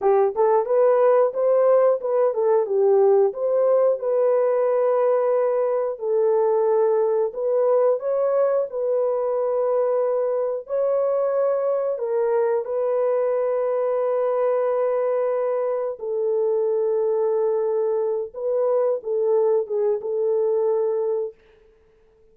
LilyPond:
\new Staff \with { instrumentName = "horn" } { \time 4/4 \tempo 4 = 90 g'8 a'8 b'4 c''4 b'8 a'8 | g'4 c''4 b'2~ | b'4 a'2 b'4 | cis''4 b'2. |
cis''2 ais'4 b'4~ | b'1 | a'2.~ a'8 b'8~ | b'8 a'4 gis'8 a'2 | }